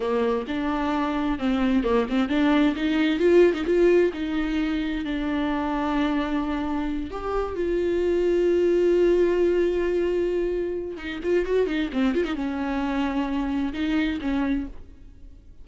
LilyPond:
\new Staff \with { instrumentName = "viola" } { \time 4/4 \tempo 4 = 131 ais4 d'2 c'4 | ais8 c'8 d'4 dis'4 f'8. dis'16 | f'4 dis'2 d'4~ | d'2.~ d'8 g'8~ |
g'8 f'2.~ f'8~ | f'1 | dis'8 f'8 fis'8 dis'8 c'8 f'16 dis'16 cis'4~ | cis'2 dis'4 cis'4 | }